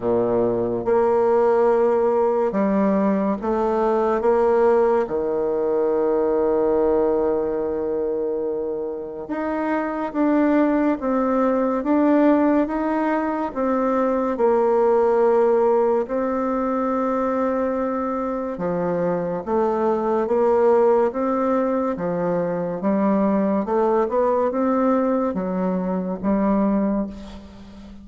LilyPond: \new Staff \with { instrumentName = "bassoon" } { \time 4/4 \tempo 4 = 71 ais,4 ais2 g4 | a4 ais4 dis2~ | dis2. dis'4 | d'4 c'4 d'4 dis'4 |
c'4 ais2 c'4~ | c'2 f4 a4 | ais4 c'4 f4 g4 | a8 b8 c'4 fis4 g4 | }